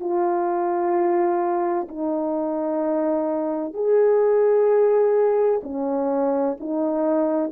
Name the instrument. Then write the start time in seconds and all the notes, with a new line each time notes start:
horn
0.00 F4
1.88 D#4
3.74 G#4
5.63 C#4
6.60 D#4